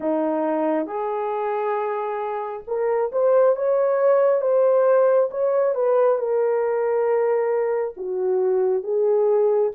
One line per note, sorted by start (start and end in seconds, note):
0.00 0.87 D#4
0.87 2.63 G#4
2.67 3.11 A#4
3.12 3.56 C5
3.56 4.41 C#5
4.41 5.29 C5
5.31 5.74 C#5
5.74 6.18 B4
6.18 7.94 A#4
7.97 8.83 F#4
8.83 9.71 G#4